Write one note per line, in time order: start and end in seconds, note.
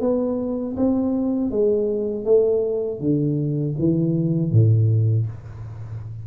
0.00 0.75 B3
0.76 1.50 C4
1.50 2.25 G#3
2.25 2.99 A3
2.99 3.74 D3
3.78 4.51 E3
4.51 5.26 A2